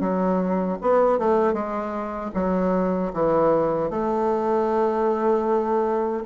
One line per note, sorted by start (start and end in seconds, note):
0.00 0.78 F#3
0.81 1.18 B3
1.18 1.53 A3
1.53 2.31 G#3
2.34 3.12 F#3
3.13 3.90 E3
3.90 6.24 A3